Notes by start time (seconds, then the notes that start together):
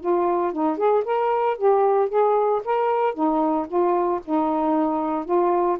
0.00 F4
0.53 D#4
0.78 G#4
1.05 A#4
1.57 G4
2.09 G#4
2.65 A#4
3.14 D#4
3.68 F4
4.25 D#4
5.25 F4